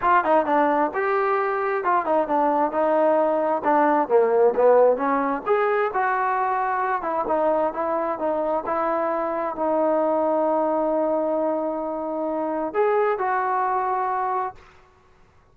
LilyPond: \new Staff \with { instrumentName = "trombone" } { \time 4/4 \tempo 4 = 132 f'8 dis'8 d'4 g'2 | f'8 dis'8 d'4 dis'2 | d'4 ais4 b4 cis'4 | gis'4 fis'2~ fis'8 e'8 |
dis'4 e'4 dis'4 e'4~ | e'4 dis'2.~ | dis'1 | gis'4 fis'2. | }